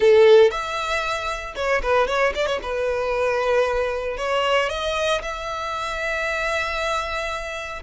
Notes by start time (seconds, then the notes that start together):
0.00 A4
0.50 E5
1.55 C#5
1.82 B4
2.07 C#5
2.35 D5
2.46 C#5
2.62 B4
4.17 C#5
4.69 D#5
5.22 E5